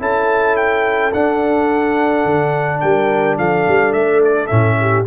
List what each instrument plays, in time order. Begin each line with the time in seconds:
0.00 tuba C#4, trombone E4, horn A4, trumpet A5
0.57 trumpet G5
1.14 tuba D4, trombone D4, trumpet F#5
2.25 tuba D3
2.81 tuba G3, horn A#4, trumpet G5
3.39 tuba F3, horn A4, trumpet F5
3.69 tuba G3
3.93 tuba A3, trumpet E5
4.25 trumpet D5
4.47 tuba A2, trombone C#4, trumpet E5
4.81 horn G4